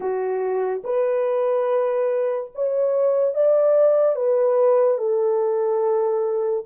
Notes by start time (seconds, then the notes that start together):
0.00 F#4
0.84 B4
2.54 C#5
3.34 D5
4.15 B4
4.98 A4